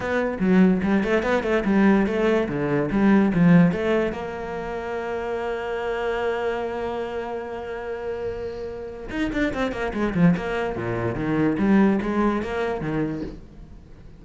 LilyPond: \new Staff \with { instrumentName = "cello" } { \time 4/4 \tempo 4 = 145 b4 fis4 g8 a8 b8 a8 | g4 a4 d4 g4 | f4 a4 ais2~ | ais1~ |
ais1~ | ais2 dis'8 d'8 c'8 ais8 | gis8 f8 ais4 ais,4 dis4 | g4 gis4 ais4 dis4 | }